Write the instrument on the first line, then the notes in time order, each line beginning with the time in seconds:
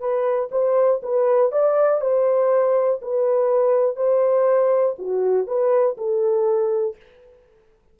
horn
0.00 B4
0.52 C5
1.03 B4
1.52 D5
2.01 C5
3.02 B4
3.97 C5
4.99 F#4
5.47 B4
5.98 A4